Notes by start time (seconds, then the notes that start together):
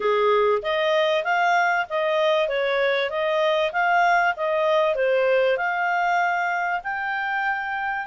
0.00 G#4
0.62 D#5
1.24 F5
1.89 D#5
2.48 C#5
3.09 D#5
3.72 F5
4.36 D#5
4.95 C5
5.57 F5
6.84 G5